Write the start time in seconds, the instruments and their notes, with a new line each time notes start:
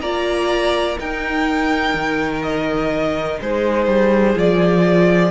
0.00 cello A#3, viola F4, violin D5 A#5
0.97 viola D#4, cello D#4, violin A#4 G5
1.94 cello D#3
2.43 violin D#5
3.41 cello G#3, violin G#4 C5
3.86 cello G3
4.35 cello F3, viola F4, violin D5